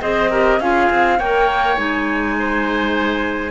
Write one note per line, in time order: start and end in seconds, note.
0.00 0.60 C4
0.00 0.29 G#4
0.00 0.30 C5
0.00 0.60 D#5
0.30 0.60 G4
0.30 0.59 A#4
0.60 0.89 C#4
0.60 1.19 F4
0.60 1.18 G#4
0.60 1.19 F5
0.90 1.19 C4
1.18 1.77 A#3
1.18 1.76 A#4
1.18 2.36 C#5
1.18 1.77 G5
1.76 3.51 G#3
1.76 3.51 D#4
1.76 3.51 G#5
2.39 3.51 C5